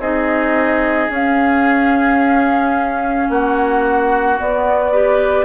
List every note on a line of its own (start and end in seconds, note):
0.00 1.09 C4
0.00 1.10 D#4
0.00 3.28 G#4
0.00 1.11 D#5
1.10 4.37 C#4
1.10 3.28 C#4
1.10 3.30 F5
3.30 4.39 A#3
3.30 4.92 F#4
3.30 4.40 F#5
4.38 4.93 B3
4.38 5.46 B3
4.38 5.46 D5
4.92 5.46 G4
4.92 5.46 B4